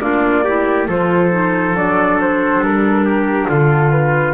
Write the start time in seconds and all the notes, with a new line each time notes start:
0.00 A#3 D4 F4 D5
0.44 E4 G4
0.88 F3 F4 A4 C5
1.31 D#4
1.75 F#3 D4 D5
2.21 C5
2.59 G3 A#4
3.05 G4
3.49 D3 F4 A4
3.91 B4